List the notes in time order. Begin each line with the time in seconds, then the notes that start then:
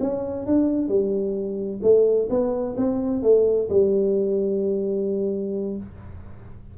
0.00 C#4
0.46 D4
0.88 G3
1.82 A3
2.30 B3
2.77 C4
3.22 A3
3.69 G3